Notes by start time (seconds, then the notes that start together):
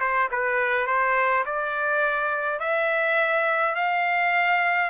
0.00 C5
0.31 B4
0.87 C5
1.46 D5
2.60 E5
3.75 F5